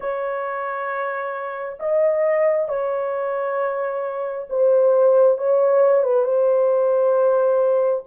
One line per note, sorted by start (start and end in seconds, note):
0.00 1.78 C#5
1.79 2.68 D#5
2.68 4.47 C#5
4.49 5.38 C5
5.38 6.03 C#5
6.03 6.24 B4
6.24 8.03 C5